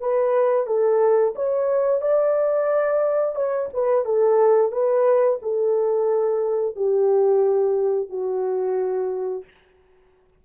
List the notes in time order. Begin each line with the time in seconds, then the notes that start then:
0.00 B4
0.67 A4
1.35 C#5
2.02 D5
3.35 C#5
3.74 B4
4.05 A4
4.72 B4
5.42 A4
6.76 G4
8.09 F#4